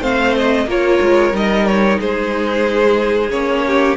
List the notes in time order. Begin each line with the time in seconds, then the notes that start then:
0.00 A3 C4 C5 F5
0.36 D#5
0.66 A#3 F4 A#4 C#5
1.01 G#3
1.32 G3 D#4 D#5
1.66 C#5
1.99 G#3 G#4 C5
3.30 A#3 C#4 C#5
3.66 G4